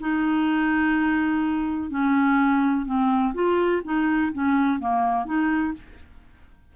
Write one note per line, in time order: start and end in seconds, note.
0.00 1.90 D#4
1.90 2.86 C#4
2.86 3.34 C4
3.34 3.82 F4
3.84 4.32 D#4
4.33 4.80 C#4
4.80 5.25 A#3
5.25 5.73 D#4